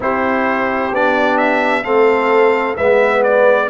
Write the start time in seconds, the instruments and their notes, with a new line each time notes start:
0.00 tuba C4, trombone E4, horn G4, trumpet C5
0.92 tuba B3, trombone D4, trumpet D5
1.37 trumpet E5
1.83 tuba A3, trombone C4, horn A4, trumpet F5
2.76 tuba G#3, trombone B3, horn B4, trumpet E5
3.23 trumpet D5